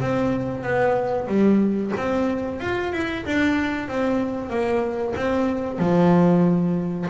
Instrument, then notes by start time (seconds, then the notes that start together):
double bass
0.00 C4
0.63 B3
1.27 G3
1.97 C4
2.60 F4
2.93 E4
3.26 D4
3.88 C4
4.50 A#3
5.16 C4
5.79 F3